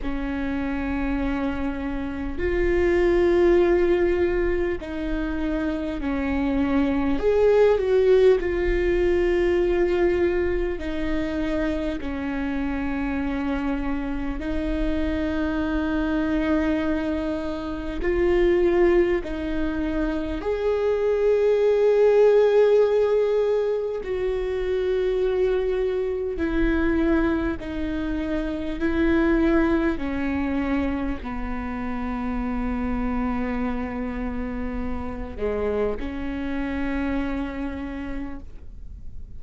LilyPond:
\new Staff \with { instrumentName = "viola" } { \time 4/4 \tempo 4 = 50 cis'2 f'2 | dis'4 cis'4 gis'8 fis'8 f'4~ | f'4 dis'4 cis'2 | dis'2. f'4 |
dis'4 gis'2. | fis'2 e'4 dis'4 | e'4 cis'4 b2~ | b4. gis8 cis'2 | }